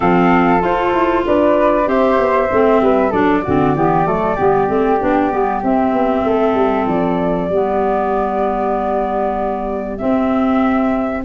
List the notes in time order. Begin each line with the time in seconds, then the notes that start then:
0.00 F3 C4 A4 F5
0.59 F4 C5
0.93 E4
1.26 D4 B4 D5
1.85 C4 G4 C5 E5
2.17 B3
2.52 A3 C4
2.81 G3 B4
3.10 F#3 D4 A4 D5
3.43 D3 C4 F#4
3.75 E3 B3 G4
4.05 F#3 A3 A4
4.36 G3 B3 G4
4.67 A3 C4
4.99 B3 D4
5.30 G3 B3
5.63 C4 E5
5.92 B3
6.24 A3 A4
6.54 G3
6.86 F3 D5
7.49 G3 B3 G4
9.97 C4 E5